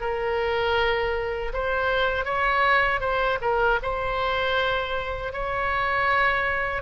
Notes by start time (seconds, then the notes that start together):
0.00 A#4
1.53 C5
2.24 C#5
3.00 C5
3.41 A#4
3.82 C5
5.32 C#5